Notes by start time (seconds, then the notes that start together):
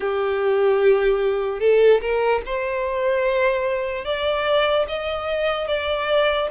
0.00 G4
1.60 A4
2.00 A#4
2.45 C5
4.04 D5
4.88 D#5
5.67 D5